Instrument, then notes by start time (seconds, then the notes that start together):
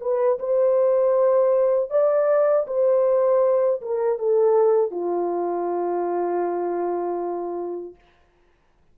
horn
0.00 B4
0.39 C5
1.90 D5
2.67 C5
3.81 A#4
4.18 A4
4.91 F4